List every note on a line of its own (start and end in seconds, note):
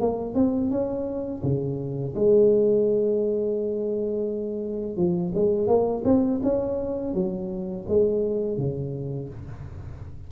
0.00 0.34 A#3
0.34 0.70 C4
0.70 1.42 C#4
1.43 2.14 C#3
2.15 4.96 G#3
4.96 5.32 F3
5.34 5.67 G#3
5.67 6.03 A#3
6.05 6.40 C4
6.43 7.14 C#4
7.14 7.85 F#3
7.88 8.57 G#3
8.57 9.29 C#3